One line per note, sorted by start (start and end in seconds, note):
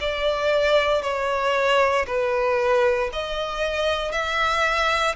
0.00 1.03 D5
1.03 2.06 C#5
2.07 3.10 B4
3.13 4.12 D#5
4.12 5.15 E5